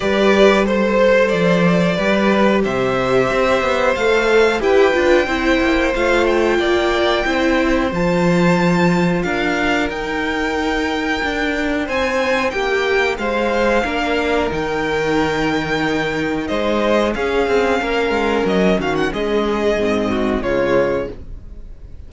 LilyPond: <<
  \new Staff \with { instrumentName = "violin" } { \time 4/4 \tempo 4 = 91 d''4 c''4 d''2 | e''2 f''4 g''4~ | g''4 f''8 g''2~ g''8 | a''2 f''4 g''4~ |
g''2 gis''4 g''4 | f''2 g''2~ | g''4 dis''4 f''2 | dis''8 f''16 fis''16 dis''2 cis''4 | }
  \new Staff \with { instrumentName = "violin" } { \time 4/4 b'4 c''2 b'4 | c''2. b'4 | c''2 d''4 c''4~ | c''2 ais'2~ |
ais'2 c''4 g'4 | c''4 ais'2.~ | ais'4 c''4 gis'4 ais'4~ | ais'8 fis'8 gis'4. fis'8 f'4 | }
  \new Staff \with { instrumentName = "viola" } { \time 4/4 g'4 a'2 g'4~ | g'2 a'4 g'8 f'8 | e'4 f'2 e'4 | f'2. dis'4~ |
dis'1~ | dis'4 d'4 dis'2~ | dis'2 cis'2~ | cis'2 c'4 gis4 | }
  \new Staff \with { instrumentName = "cello" } { \time 4/4 g2 f4 g4 | c4 c'8 b8 a4 e'8 d'8 | c'8 ais8 a4 ais4 c'4 | f2 d'4 dis'4~ |
dis'4 d'4 c'4 ais4 | gis4 ais4 dis2~ | dis4 gis4 cis'8 c'8 ais8 gis8 | fis8 dis8 gis4 gis,4 cis4 | }
>>